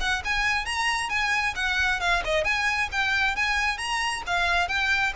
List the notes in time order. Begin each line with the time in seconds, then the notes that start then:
0.00 F#5
0.24 G#5
0.65 A#5
1.09 G#5
1.55 F#5
2.00 F5
2.24 D#5
2.44 G#5
2.91 G5
3.36 G#5
3.77 A#5
4.26 F5
4.68 G5